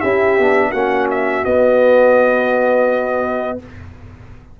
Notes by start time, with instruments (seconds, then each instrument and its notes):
0.00 tuba C#4, trombone E4, horn G4, trumpet E5
0.38 tuba B3, trombone D4
0.70 tuba A#3, trombone C#4, horn F#4, trumpet F#5
1.10 trumpet E5
1.44 trombone B3, tuba B3, trumpet D#5